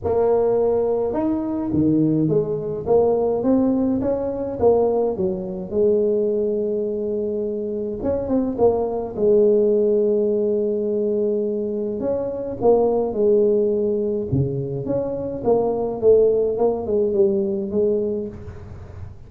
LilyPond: \new Staff \with { instrumentName = "tuba" } { \time 4/4 \tempo 4 = 105 ais2 dis'4 dis4 | gis4 ais4 c'4 cis'4 | ais4 fis4 gis2~ | gis2 cis'8 c'8 ais4 |
gis1~ | gis4 cis'4 ais4 gis4~ | gis4 cis4 cis'4 ais4 | a4 ais8 gis8 g4 gis4 | }